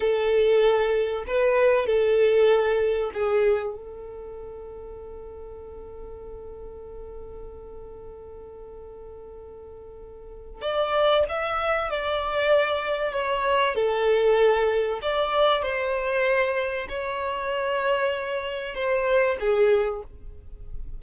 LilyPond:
\new Staff \with { instrumentName = "violin" } { \time 4/4 \tempo 4 = 96 a'2 b'4 a'4~ | a'4 gis'4 a'2~ | a'1~ | a'1~ |
a'4 d''4 e''4 d''4~ | d''4 cis''4 a'2 | d''4 c''2 cis''4~ | cis''2 c''4 gis'4 | }